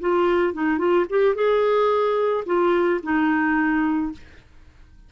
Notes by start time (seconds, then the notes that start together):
0.00 F4
0.53 D#4
0.78 F4
1.09 G4
1.35 G#4
2.46 F4
3.03 D#4